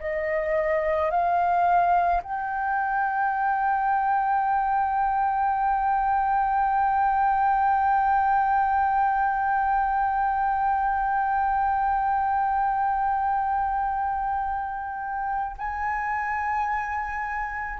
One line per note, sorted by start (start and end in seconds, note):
0.00 1.11 D#5
1.11 2.22 F5
2.24 15.57 G5
15.58 17.80 G#5